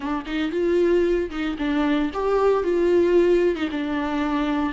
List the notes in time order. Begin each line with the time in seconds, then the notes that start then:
0.00 D4
0.26 D#4
0.51 F4
1.30 D#4
1.58 D4
2.13 G4
2.63 F4
3.55 D#4
3.71 D4